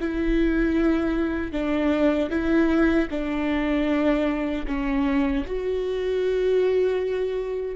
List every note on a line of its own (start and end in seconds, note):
0.00 1.52 E4
1.52 2.30 D4
2.30 3.08 E4
3.10 4.66 D4
4.66 5.44 C#4
5.46 7.75 F#4